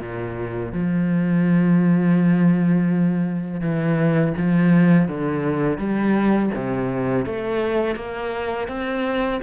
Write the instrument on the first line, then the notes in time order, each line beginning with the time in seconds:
cello
0.00 A#2
0.72 F3
3.61 E3
4.37 F3
5.08 D3
5.78 G3
6.55 C3
7.26 A3
7.96 A#3
8.68 C4